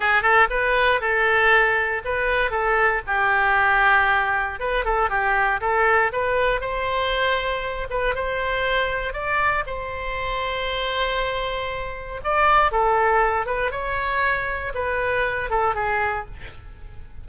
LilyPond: \new Staff \with { instrumentName = "oboe" } { \time 4/4 \tempo 4 = 118 gis'8 a'8 b'4 a'2 | b'4 a'4 g'2~ | g'4 b'8 a'8 g'4 a'4 | b'4 c''2~ c''8 b'8 |
c''2 d''4 c''4~ | c''1 | d''4 a'4. b'8 cis''4~ | cis''4 b'4. a'8 gis'4 | }